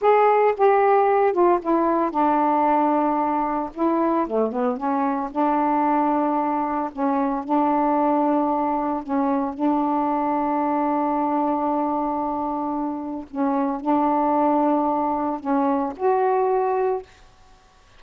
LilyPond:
\new Staff \with { instrumentName = "saxophone" } { \time 4/4 \tempo 4 = 113 gis'4 g'4. f'8 e'4 | d'2. e'4 | a8 b8 cis'4 d'2~ | d'4 cis'4 d'2~ |
d'4 cis'4 d'2~ | d'1~ | d'4 cis'4 d'2~ | d'4 cis'4 fis'2 | }